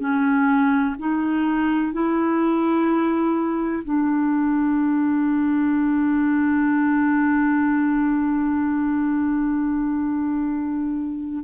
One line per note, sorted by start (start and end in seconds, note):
0.00 0.95 C#4
0.98 1.92 D#4
1.92 3.83 E4
3.84 11.44 D4